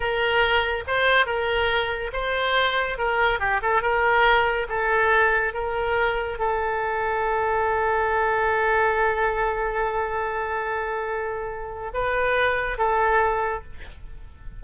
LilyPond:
\new Staff \with { instrumentName = "oboe" } { \time 4/4 \tempo 4 = 141 ais'2 c''4 ais'4~ | ais'4 c''2 ais'4 | g'8 a'8 ais'2 a'4~ | a'4 ais'2 a'4~ |
a'1~ | a'1~ | a'1 | b'2 a'2 | }